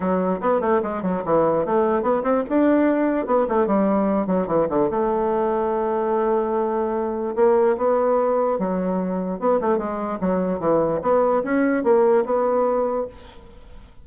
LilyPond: \new Staff \with { instrumentName = "bassoon" } { \time 4/4 \tempo 4 = 147 fis4 b8 a8 gis8 fis8 e4 | a4 b8 c'8 d'2 | b8 a8 g4. fis8 e8 d8 | a1~ |
a2 ais4 b4~ | b4 fis2 b8 a8 | gis4 fis4 e4 b4 | cis'4 ais4 b2 | }